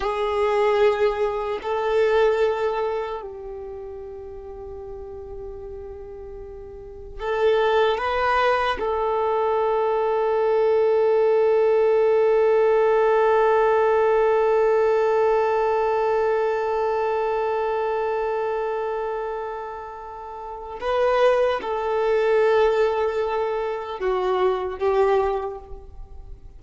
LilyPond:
\new Staff \with { instrumentName = "violin" } { \time 4/4 \tempo 4 = 75 gis'2 a'2 | g'1~ | g'4 a'4 b'4 a'4~ | a'1~ |
a'1~ | a'1~ | a'2 b'4 a'4~ | a'2 fis'4 g'4 | }